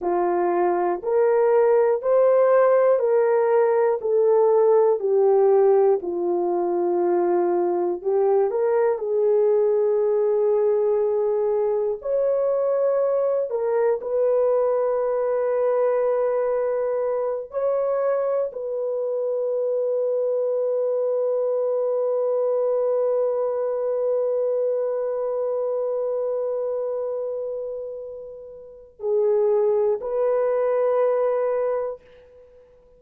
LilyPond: \new Staff \with { instrumentName = "horn" } { \time 4/4 \tempo 4 = 60 f'4 ais'4 c''4 ais'4 | a'4 g'4 f'2 | g'8 ais'8 gis'2. | cis''4. ais'8 b'2~ |
b'4. cis''4 b'4.~ | b'1~ | b'1~ | b'4 gis'4 b'2 | }